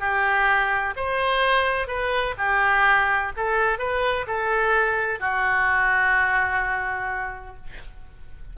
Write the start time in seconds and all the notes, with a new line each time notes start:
0.00 G4
0.96 C5
1.87 B4
2.38 G4
3.37 A4
3.79 B4
4.27 A4
5.20 F#4